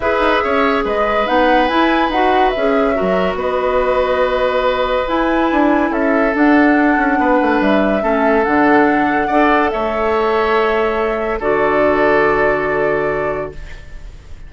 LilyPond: <<
  \new Staff \with { instrumentName = "flute" } { \time 4/4 \tempo 4 = 142 e''2 dis''4 fis''4 | gis''4 fis''4 e''2 | dis''1 | gis''2 e''4 fis''4~ |
fis''2 e''2 | fis''2. e''4~ | e''2. d''4~ | d''1 | }
  \new Staff \with { instrumentName = "oboe" } { \time 4/4 b'4 cis''4 b'2~ | b'2. ais'4 | b'1~ | b'2 a'2~ |
a'4 b'2 a'4~ | a'2 d''4 cis''4~ | cis''2. a'4~ | a'1 | }
  \new Staff \with { instrumentName = "clarinet" } { \time 4/4 gis'2. dis'4 | e'4 fis'4 gis'4 fis'4~ | fis'1 | e'2. d'4~ |
d'2. cis'4 | d'2 a'2~ | a'2. fis'4~ | fis'1 | }
  \new Staff \with { instrumentName = "bassoon" } { \time 4/4 e'8 dis'8 cis'4 gis4 b4 | e'4 dis'4 cis'4 fis4 | b1 | e'4 d'4 cis'4 d'4~ |
d'8 cis'8 b8 a8 g4 a4 | d2 d'4 a4~ | a2. d4~ | d1 | }
>>